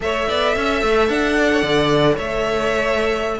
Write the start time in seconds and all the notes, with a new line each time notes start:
0.00 A3 A4 C#5 E5
0.28 B3 D5
0.54 C#4 E5
0.82 A3
1.08 D4 F#5
1.37 D5
1.52 C#5
1.61 D3 D5
2.15 A3 C#5 E5